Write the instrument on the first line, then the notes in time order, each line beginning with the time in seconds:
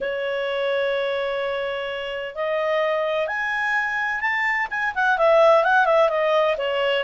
clarinet
0.01 C#5
2.35 D#5
3.27 G#5
4.21 A5
4.70 G#5
4.94 F#5
5.18 E5
5.64 F#5
5.85 E5
6.09 D#5
6.57 C#5